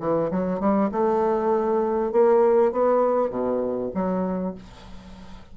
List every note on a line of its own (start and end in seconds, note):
0.00 0.30 E3
0.31 0.60 F#3
0.60 0.90 G3
0.92 2.12 A3
2.12 2.72 A#3
2.72 3.30 B3
3.30 3.91 B2
3.94 4.55 F#3